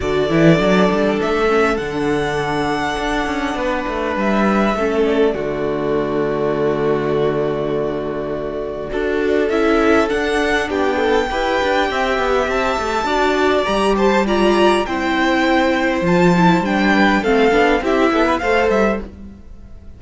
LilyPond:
<<
  \new Staff \with { instrumentName = "violin" } { \time 4/4 \tempo 4 = 101 d''2 e''4 fis''4~ | fis''2. e''4~ | e''8 d''2.~ d''8~ | d''1 |
e''4 fis''4 g''2~ | g''4 a''2 ais''8 a''8 | ais''4 g''2 a''4 | g''4 f''4 e''4 f''8 e''8 | }
  \new Staff \with { instrumentName = "violin" } { \time 4/4 a'1~ | a'2 b'2 | a'4 fis'2.~ | fis'2. a'4~ |
a'2 g'8 a'8 b'4 | e''2 d''4. c''8 | d''4 c''2.~ | c''8 b'8 a'4 g'8 a'16 b'16 c''4 | }
  \new Staff \with { instrumentName = "viola" } { \time 4/4 fis'8 e'8 d'4. cis'8 d'4~ | d'1 | cis'4 a2.~ | a2. fis'4 |
e'4 d'2 g'4~ | g'2 fis'4 g'4 | f'4 e'2 f'8 e'8 | d'4 c'8 d'8 e'4 a'4 | }
  \new Staff \with { instrumentName = "cello" } { \time 4/4 d8 e8 fis8 g8 a4 d4~ | d4 d'8 cis'8 b8 a8 g4 | a4 d2.~ | d2. d'4 |
cis'4 d'4 b4 e'8 d'8 | c'8 b8 c'8 a8 d'4 g4~ | g4 c'2 f4 | g4 a8 b8 c'8 b8 a8 g8 | }
>>